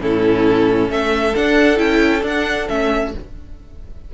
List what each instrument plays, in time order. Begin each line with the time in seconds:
0.00 cello A2, viola C#4, violin E4 A4
0.88 cello A3, violin A4 E5
1.34 viola D4, cello D4, violin F#5
1.76 cello C#4, viola E4, violin G5
2.21 viola D4, cello D4, violin F#5
2.68 cello A3, viola C#4, violin E5